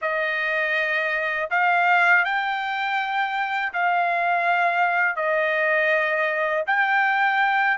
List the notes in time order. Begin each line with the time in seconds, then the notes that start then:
0.01 D#5
1.50 F5
2.24 G5
3.73 F5
5.15 D#5
6.66 G5